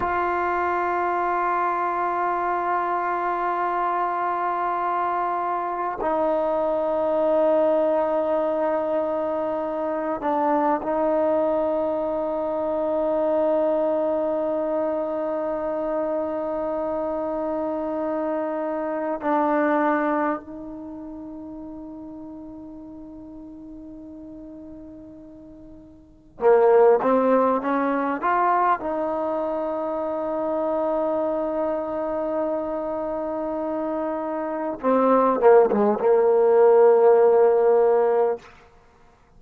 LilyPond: \new Staff \with { instrumentName = "trombone" } { \time 4/4 \tempo 4 = 50 f'1~ | f'4 dis'2.~ | dis'8 d'8 dis'2.~ | dis'1 |
d'4 dis'2.~ | dis'2 ais8 c'8 cis'8 f'8 | dis'1~ | dis'4 c'8 ais16 gis16 ais2 | }